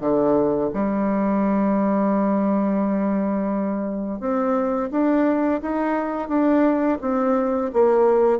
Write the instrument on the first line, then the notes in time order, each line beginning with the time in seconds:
bassoon
0.00 D3
0.74 G3
4.20 C4
4.91 D4
5.61 D#4
6.28 D4
7.01 C4
7.73 A#3